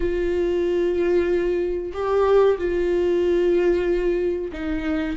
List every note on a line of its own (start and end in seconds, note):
0.00 1.92 F4
1.93 2.57 G4
2.58 4.51 F4
4.52 5.16 D#4